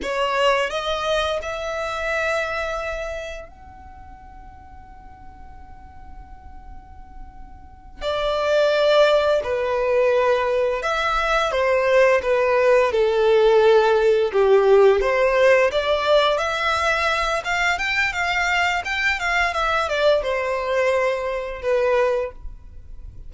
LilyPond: \new Staff \with { instrumentName = "violin" } { \time 4/4 \tempo 4 = 86 cis''4 dis''4 e''2~ | e''4 fis''2.~ | fis''2.~ fis''8 d''8~ | d''4. b'2 e''8~ |
e''8 c''4 b'4 a'4.~ | a'8 g'4 c''4 d''4 e''8~ | e''4 f''8 g''8 f''4 g''8 f''8 | e''8 d''8 c''2 b'4 | }